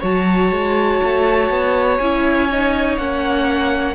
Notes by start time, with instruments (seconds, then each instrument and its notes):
0.00 cello F#3, viola F#4, violin C#5 A5
0.51 cello G#3
1.03 cello A3
1.50 cello B3
1.98 cello C#4, viola E4, violin G#5
2.51 viola D#4
2.97 cello A#3, viola C#4, violin F#5